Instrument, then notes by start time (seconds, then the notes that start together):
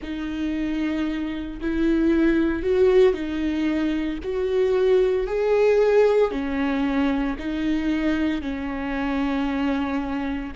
viola
0.02 D#4
1.61 E4
2.63 F#4
3.13 D#4
4.23 F#4
5.26 G#4
6.31 C#4
7.38 D#4
8.41 C#4